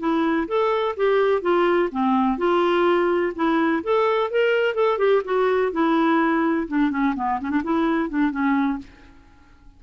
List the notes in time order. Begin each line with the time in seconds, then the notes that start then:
0.00 E4
0.48 A4
0.97 G4
1.42 F4
1.92 C4
2.38 F4
3.36 E4
3.84 A4
4.31 A#4
4.75 A4
4.98 G4
5.25 F#4
5.72 E4
6.68 D4
6.91 C#4
7.16 B3
7.41 C#4
7.50 D4
7.64 E4
8.10 D4
8.31 C#4